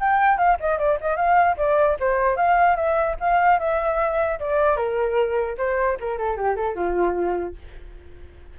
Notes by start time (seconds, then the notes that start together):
0.00 G5
0.38 F5
0.60 D#5
0.79 D5
1.01 D#5
1.16 F5
1.57 D5
2.00 C5
2.37 F5
2.76 E5
3.20 F5
3.59 E5
4.40 D5
4.77 A#4
5.58 C5
6.00 A#4
6.18 A4
6.37 G4
6.56 A4
6.76 F4